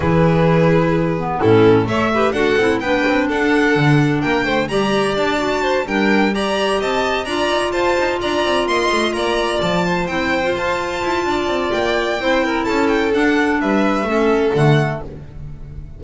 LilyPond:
<<
  \new Staff \with { instrumentName = "violin" } { \time 4/4 \tempo 4 = 128 b'2. a'4 | e''4 fis''4 g''4 fis''4~ | fis''4 g''4 ais''4 a''4~ | a''8 g''4 ais''4 a''4 ais''8~ |
ais''8 a''4 ais''4 c'''4 ais''8~ | ais''8 a''4 g''4 a''4.~ | a''4 g''2 a''8 g''8 | fis''4 e''2 fis''4 | }
  \new Staff \with { instrumentName = "violin" } { \time 4/4 gis'2. e'4 | cis''8 b'8 a'4 b'4 a'4~ | a'4 ais'8 c''8 d''2 | c''8 ais'4 d''4 dis''4 d''8~ |
d''8 c''4 d''4 dis''4 d''8~ | d''4 c''2. | d''2 c''8 ais'8 a'4~ | a'4 b'4 a'2 | }
  \new Staff \with { instrumentName = "clarinet" } { \time 4/4 e'2~ e'8 b8 cis'4 | a'8 g'8 fis'8 e'8 d'2~ | d'2 g'4. fis'8~ | fis'8 d'4 g'2 f'8~ |
f'1~ | f'4. e'8. f'4.~ f'16~ | f'2 e'2 | d'2 cis'4 a4 | }
  \new Staff \with { instrumentName = "double bass" } { \time 4/4 e2. a,4 | a4 d'8 c'8 b8 c'8 d'4 | d4 ais8 a8 g4 d'4~ | d'8 g2 c'4 d'8 |
dis'8 f'8 dis'8 d'8 c'8 ais8 a8 ais8~ | ais8 f4 c'4 f'4 e'8 | d'8 c'8 ais4 c'4 cis'4 | d'4 g4 a4 d4 | }
>>